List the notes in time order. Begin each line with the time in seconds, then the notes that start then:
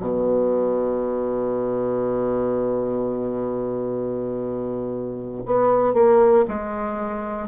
0.00 B2
5.45 B3
5.93 A#3
6.48 G#3